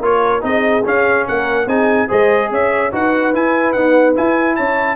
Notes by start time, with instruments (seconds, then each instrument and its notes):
0.00 tuba A#3, trombone F4, horn A#4, trumpet C#5
0.41 tuba C4, trombone D#4, horn G#4, trumpet D#5
0.85 trombone C#4, tuba C#4, trumpet F5
1.26 tuba A#3, horn A#4, trumpet F#5
1.66 tuba C4, trombone D#4, horn G#4, trumpet G#5
2.07 tuba G#3, trombone G#4, horn C5, trumpet D#5
2.51 tuba C#4, horn C#5, trumpet E5
2.92 tuba D#4, trombone F#4, horn B4, trumpet F#5
3.34 trombone E4, tuba E4, trumpet G#5
3.72 trombone B3, tuba D#4, trumpet F#5
4.15 trombone E4, tuba E4, trumpet G#5
4.56 tuba C#4, horn C#5, trumpet A5